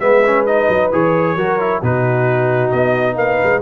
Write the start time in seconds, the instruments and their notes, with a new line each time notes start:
0.00 tuba G#3, trombone B3, horn B4, trumpet E5
0.27 trombone C#4
0.46 trombone D#4, trumpet D#5
0.69 tuba F#3
0.92 tuba E3, trombone G#4, trumpet C#5
1.36 tuba F#3, trombone F#4, horn A#4
1.60 trombone E4
1.80 tuba B2, trombone D#4, horn F#4, trumpet B4
2.71 tuba B3, trumpet D#5
3.16 tuba A#3, horn B4, trumpet F5
3.44 tuba G#3